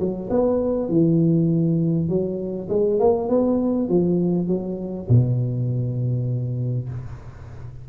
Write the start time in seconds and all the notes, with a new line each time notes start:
0.00 F#3
0.31 B3
0.89 E3
2.09 F#3
2.70 G#3
3.00 A#3
3.29 B3
3.89 F3
4.48 F#3
5.09 B2